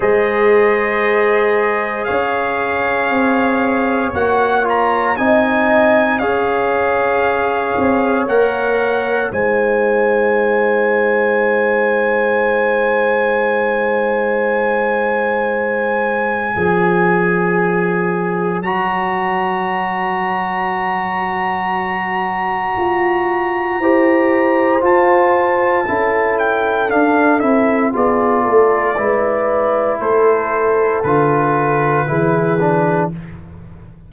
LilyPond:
<<
  \new Staff \with { instrumentName = "trumpet" } { \time 4/4 \tempo 4 = 58 dis''2 f''2 | fis''8 ais''8 gis''4 f''2 | fis''4 gis''2.~ | gis''1~ |
gis''2 ais''2~ | ais''1 | a''4. g''8 f''8 e''8 d''4~ | d''4 c''4 b'2 | }
  \new Staff \with { instrumentName = "horn" } { \time 4/4 c''2 cis''2~ | cis''4 dis''4 cis''2~ | cis''4 c''2.~ | c''1 |
cis''1~ | cis''2. c''4~ | c''4 a'2 gis'8 a'8 | b'4 a'2 gis'4 | }
  \new Staff \with { instrumentName = "trombone" } { \time 4/4 gis'1 | fis'8 f'8 dis'4 gis'2 | ais'4 dis'2.~ | dis'1 |
gis'2 fis'2~ | fis'2. g'4 | f'4 e'4 d'8 e'8 f'4 | e'2 f'4 e'8 d'8 | }
  \new Staff \with { instrumentName = "tuba" } { \time 4/4 gis2 cis'4 c'4 | ais4 c'4 cis'4. c'8 | ais4 gis2.~ | gis1 |
f2 fis2~ | fis2 f'4 e'4 | f'4 cis'4 d'8 c'8 b8 a8 | gis4 a4 d4 e4 | }
>>